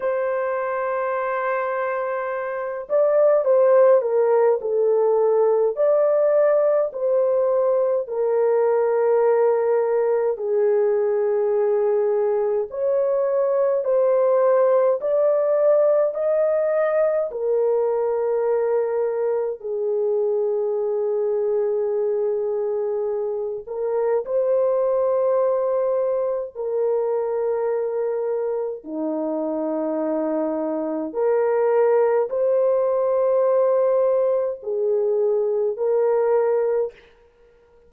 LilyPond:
\new Staff \with { instrumentName = "horn" } { \time 4/4 \tempo 4 = 52 c''2~ c''8 d''8 c''8 ais'8 | a'4 d''4 c''4 ais'4~ | ais'4 gis'2 cis''4 | c''4 d''4 dis''4 ais'4~ |
ais'4 gis'2.~ | gis'8 ais'8 c''2 ais'4~ | ais'4 dis'2 ais'4 | c''2 gis'4 ais'4 | }